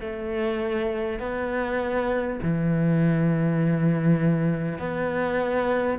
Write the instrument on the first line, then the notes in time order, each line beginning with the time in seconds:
cello
0.00 A3
1.19 B3
2.43 E3
4.79 B3